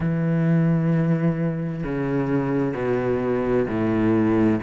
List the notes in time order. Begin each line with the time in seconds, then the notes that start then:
0.00 E3
1.83 C#3
2.74 B2
3.67 A2